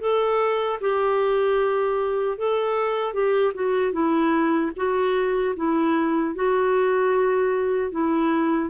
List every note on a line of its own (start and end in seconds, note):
0.00 0.79 A4
0.80 2.38 G4
2.38 3.13 A4
3.13 3.52 G4
3.54 3.92 F#4
3.92 4.71 E4
4.76 5.55 F#4
5.56 6.34 E4
6.34 7.91 F#4
7.91 8.69 E4